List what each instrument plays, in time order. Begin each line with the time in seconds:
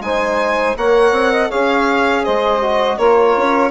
0.00 bassoon G#3, trombone D#4, saxophone C5, violin G#5
0.76 bassoon A#3, trombone A#4, saxophone C#5, violin F#5
1.11 bassoon C4
1.32 saxophone D#5
1.48 bassoon C#4, trombone G#4, saxophone C#5, violin F5
2.24 bassoon G#3, saxophone C5, violin D#5
2.62 trombone F#4
2.97 bassoon A#3, trombone F4, saxophone A#4, violin C#5
3.37 bassoon C#4